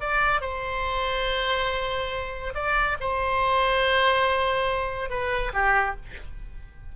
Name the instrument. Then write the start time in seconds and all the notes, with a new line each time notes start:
oboe
0.00 D5
0.41 C5
2.54 D5
3.00 C5
5.10 B4
5.53 G4